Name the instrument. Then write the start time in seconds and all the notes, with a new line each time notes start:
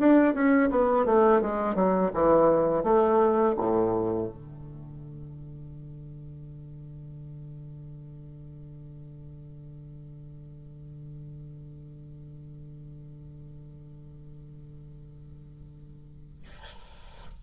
bassoon
0.00 D4
0.35 C#4
0.71 B3
1.06 A3
1.42 G#3
1.76 F#3
2.14 E3
2.84 A3
3.58 A2
4.29 D3